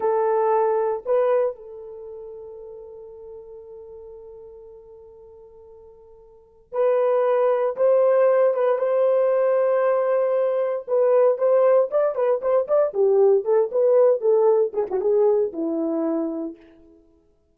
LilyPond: \new Staff \with { instrumentName = "horn" } { \time 4/4 \tempo 4 = 116 a'2 b'4 a'4~ | a'1~ | a'1~ | a'4 b'2 c''4~ |
c''8 b'8 c''2.~ | c''4 b'4 c''4 d''8 b'8 | c''8 d''8 g'4 a'8 b'4 a'8~ | a'8 gis'16 fis'16 gis'4 e'2 | }